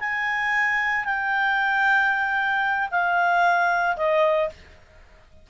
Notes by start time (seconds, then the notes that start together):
0.00 G#5
1.05 G5
2.91 F5
3.97 D#5